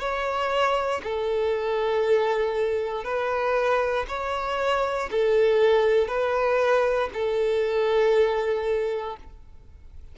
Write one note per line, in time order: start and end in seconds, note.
0.00 1.02 C#5
1.04 3.04 A4
3.04 4.06 B4
4.08 5.10 C#5
5.11 6.08 A4
6.08 7.10 B4
7.13 9.17 A4